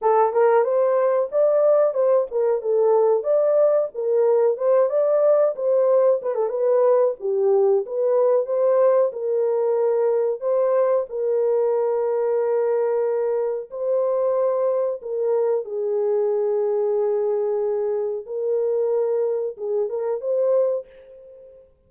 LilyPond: \new Staff \with { instrumentName = "horn" } { \time 4/4 \tempo 4 = 92 a'8 ais'8 c''4 d''4 c''8 ais'8 | a'4 d''4 ais'4 c''8 d''8~ | d''8 c''4 b'16 a'16 b'4 g'4 | b'4 c''4 ais'2 |
c''4 ais'2.~ | ais'4 c''2 ais'4 | gis'1 | ais'2 gis'8 ais'8 c''4 | }